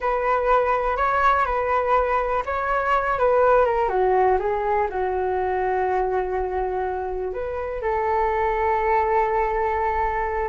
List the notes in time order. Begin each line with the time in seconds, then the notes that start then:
0.00 B4
0.96 C#5
1.45 B4
2.45 C#5
3.18 B4
3.65 A#4
3.88 F#4
4.39 G#4
4.89 F#4
7.33 B4
7.82 A4